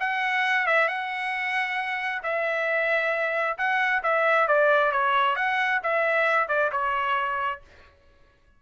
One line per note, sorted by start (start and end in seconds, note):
0.00 0.67 F#5
0.67 0.88 E5
0.88 2.22 F#5
2.23 3.57 E5
3.58 4.03 F#5
4.03 4.48 E5
4.48 4.92 D5
4.92 5.36 C#5
5.36 5.81 F#5
5.83 6.48 E5
6.48 6.70 D5
6.72 7.61 C#5